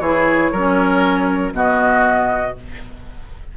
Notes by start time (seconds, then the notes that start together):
0.00 E3 E4 G#4 C#5
0.52 F#3 C#4 A#4
1.53 B2 B3 F#4 D#5